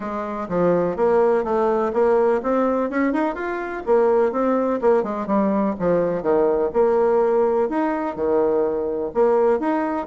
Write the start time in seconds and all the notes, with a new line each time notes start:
0.00 G#3
0.48 F3
0.96 A#3
1.44 A3
1.93 A#3
2.42 C4
2.90 C#4
3.12 D#4
3.34 F4
3.85 A#3
4.32 C4
4.81 A#3
5.03 G#3
5.26 G3
5.79 F3
6.22 D#3
6.73 A#3
7.69 D#4
8.15 D#3
9.14 A#3
9.59 D#4